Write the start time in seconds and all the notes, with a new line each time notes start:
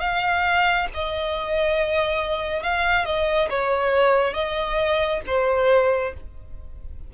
0.00 F5
0.94 D#5
2.62 F5
3.05 D#5
3.49 C#5
4.33 D#5
5.26 C5